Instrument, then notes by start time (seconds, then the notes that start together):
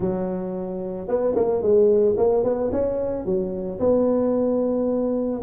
tuba
0.00 F#3
1.07 B3
1.35 A#3
1.62 G#3
2.17 A#3
2.43 B3
2.72 C#4
3.25 F#3
3.79 B3